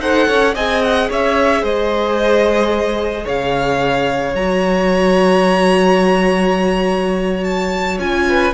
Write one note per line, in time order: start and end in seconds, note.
0.00 0.27 D#4
0.00 0.56 A4
0.00 0.28 C5
0.00 0.55 F#5
0.28 0.56 C#4
0.28 0.55 C#5
0.55 1.10 C4
0.55 4.35 G#4
0.55 1.09 D#5
0.55 0.83 G#5
0.83 1.10 F#5
1.10 1.63 C#4
1.10 1.63 C#5
1.10 1.65 E5
1.63 3.25 G#3
1.63 3.25 C5
1.63 3.27 D#5
3.25 4.35 C#3
3.25 8.25 C#5
3.25 4.36 F5
4.35 7.99 F#3
4.35 7.99 F#4
4.35 7.44 A#5
7.44 7.99 A5
7.99 8.53 C#4
7.99 8.53 F4
7.99 8.54 G#5
8.29 8.55 B4